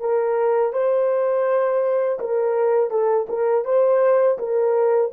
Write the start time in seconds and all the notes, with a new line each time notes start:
0.00 A#4
0.73 C5
2.20 A#4
2.90 A4
3.29 A#4
3.65 C5
4.38 A#4